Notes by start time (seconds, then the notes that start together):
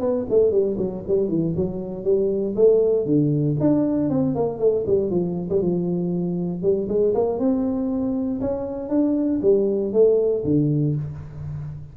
0.00 B3
0.30 A3
0.51 G3
0.78 F#3
1.08 G3
1.29 E3
1.56 F#3
2.04 G3
2.56 A3
3.06 D3
3.60 D4
4.10 C4
4.35 A#3
4.59 A3
4.87 G3
5.11 F3
5.50 G3
5.62 F3
6.63 G3
6.89 G#3
7.15 A#3
7.39 C4
8.41 C#4
8.90 D4
9.42 G3
9.93 A3
10.45 D3